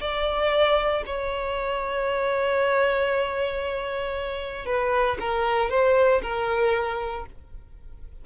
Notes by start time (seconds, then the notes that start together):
0.00 D5
1.06 C#5
4.66 B4
5.20 A#4
5.70 C5
6.22 A#4